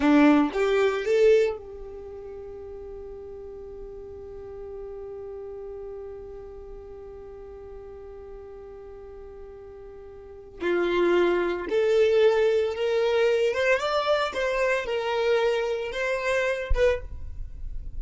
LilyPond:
\new Staff \with { instrumentName = "violin" } { \time 4/4 \tempo 4 = 113 d'4 g'4 a'4 g'4~ | g'1~ | g'1~ | g'1~ |
g'1 | f'2 a'2 | ais'4. c''8 d''4 c''4 | ais'2 c''4. b'8 | }